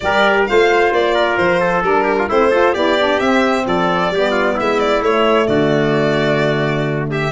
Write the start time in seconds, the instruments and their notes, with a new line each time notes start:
0.00 tuba G3, saxophone G4, trumpet A#4, violin D5
0.47 tuba A3, saxophone F4, trumpet C5, violin F5
0.91 tuba A#3, violin D5
1.14 trumpet A#4
1.36 tuba F3, violin C5
1.59 trumpet A4
1.82 tuba G3, saxophone D4, violin A#4
2.03 trumpet G4
2.18 trumpet F4
2.28 tuba A3, saxophone C4, trumpet E4, violin C5
2.50 saxophone F4, trumpet A4
2.72 tuba B3, saxophone E4, trumpet G4, violin D5
2.99 saxophone D4
3.19 tuba C4, saxophone C4, violin E5
3.66 tuba F3, trumpet A4, violin D5
4.10 tuba G3, saxophone B3, trumpet G4
4.31 trumpet F4
4.55 tuba G#3, trumpet E4, violin E5
4.79 violin D5
5.00 tuba A3, saxophone A3, violin C#5
5.47 tuba D3, trumpet F#4, violin D5
7.10 trumpet G4, violin E5